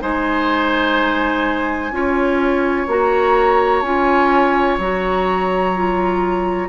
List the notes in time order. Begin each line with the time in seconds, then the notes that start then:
0.00 G#3 D#4 C5 G#5
1.91 C#4 F4 C#5
2.87 A#3 F#4 A#5
3.81 C#4 F4 G#5
4.78 F#3 F#4 A#5
5.75 F4